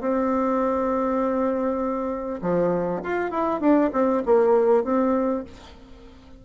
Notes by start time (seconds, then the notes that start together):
0.00 C4
2.41 F3
3.03 F4
3.31 E4
3.60 D4
3.92 C4
4.25 A#3
4.84 C4